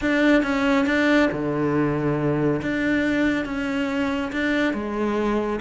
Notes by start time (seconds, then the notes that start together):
0.01 D4
0.42 C#4
0.86 D4
1.31 D3
2.62 D4
3.45 C#4
4.32 D4
4.73 G#3